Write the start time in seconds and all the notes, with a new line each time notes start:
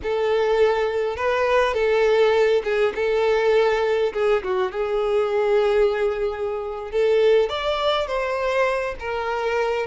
0.03 A4
1.16 B4
1.74 A4
2.63 G#4
2.95 A4
4.13 G#4
4.43 F#4
4.71 G#4
6.91 A4
7.49 D5
8.07 C5
8.99 A#4